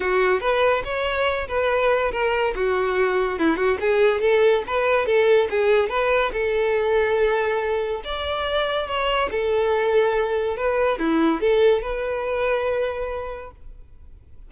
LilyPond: \new Staff \with { instrumentName = "violin" } { \time 4/4 \tempo 4 = 142 fis'4 b'4 cis''4. b'8~ | b'4 ais'4 fis'2 | e'8 fis'8 gis'4 a'4 b'4 | a'4 gis'4 b'4 a'4~ |
a'2. d''4~ | d''4 cis''4 a'2~ | a'4 b'4 e'4 a'4 | b'1 | }